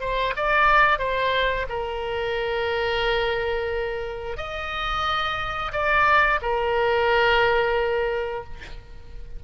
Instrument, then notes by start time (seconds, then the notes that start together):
oboe
0.00 C5
0.36 D5
0.99 C5
1.69 A#4
4.37 D#5
5.72 D5
6.42 A#4